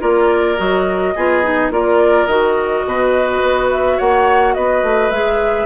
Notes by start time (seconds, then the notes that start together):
0.00 A#3 F4 A#4 D5
0.57 F#3 F#4 D#5
1.15 B3 F4 G#4
1.43 D#4
1.70 A#3 F4 A#4 D5
2.26 D#3 F#4 D#5
2.85 B2 B4
3.42 B3
3.71 E5
3.97 A#3 C#5 F#5
4.54 B3 B4 D#5
4.83 A3
5.10 G#3 G#4 E5